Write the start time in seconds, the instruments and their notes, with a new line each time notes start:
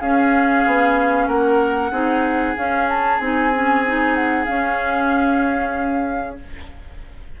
0.00 bassoon C#4, clarinet C#4, oboe G#4, flute F5
0.65 bassoon B3
1.27 bassoon A#3, oboe A#4, flute F#5
1.91 bassoon C4, clarinet D#4, oboe G#4
2.56 clarinet C#4, bassoon C#4, flute F5
2.88 flute A5
3.19 bassoon C4, clarinet D#4, flute G#5
3.53 clarinet C#4
3.86 clarinet D#4
4.14 flute F#5
4.45 clarinet C#4, bassoon C#4, flute F5